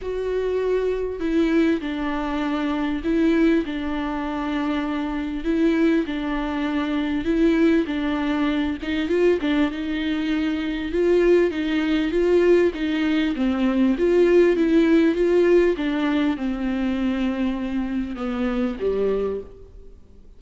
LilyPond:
\new Staff \with { instrumentName = "viola" } { \time 4/4 \tempo 4 = 99 fis'2 e'4 d'4~ | d'4 e'4 d'2~ | d'4 e'4 d'2 | e'4 d'4. dis'8 f'8 d'8 |
dis'2 f'4 dis'4 | f'4 dis'4 c'4 f'4 | e'4 f'4 d'4 c'4~ | c'2 b4 g4 | }